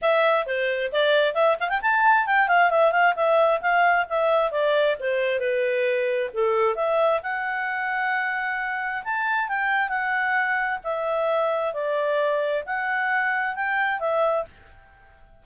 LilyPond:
\new Staff \with { instrumentName = "clarinet" } { \time 4/4 \tempo 4 = 133 e''4 c''4 d''4 e''8 f''16 g''16 | a''4 g''8 f''8 e''8 f''8 e''4 | f''4 e''4 d''4 c''4 | b'2 a'4 e''4 |
fis''1 | a''4 g''4 fis''2 | e''2 d''2 | fis''2 g''4 e''4 | }